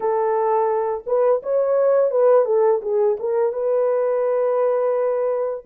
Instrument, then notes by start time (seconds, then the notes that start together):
horn
0.00 A4
1.06 B4
1.42 C#5
2.10 B4
2.45 A4
2.81 G#4
3.19 A#4
3.52 B4